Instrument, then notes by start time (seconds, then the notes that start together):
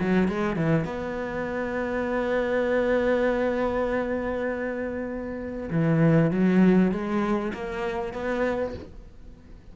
cello
0.00 F#3
0.28 G#3
0.56 E3
0.85 B3
5.71 E3
6.31 F#3
6.92 G#3
7.54 A#3
8.13 B3